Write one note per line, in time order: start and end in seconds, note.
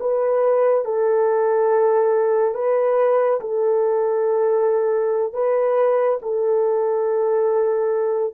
0.00 0.85 B4
0.85 2.54 A4
2.54 3.40 B4
3.40 5.33 A4
5.33 6.19 B4
6.22 8.34 A4